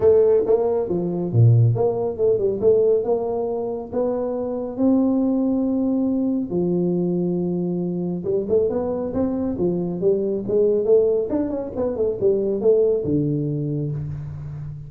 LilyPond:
\new Staff \with { instrumentName = "tuba" } { \time 4/4 \tempo 4 = 138 a4 ais4 f4 ais,4 | ais4 a8 g8 a4 ais4~ | ais4 b2 c'4~ | c'2. f4~ |
f2. g8 a8 | b4 c'4 f4 g4 | gis4 a4 d'8 cis'8 b8 a8 | g4 a4 d2 | }